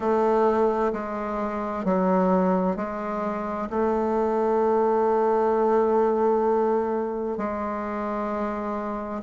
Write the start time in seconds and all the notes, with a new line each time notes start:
0.00 A3
0.92 G#3
1.85 F#3
2.76 G#3
3.70 A3
7.37 G#3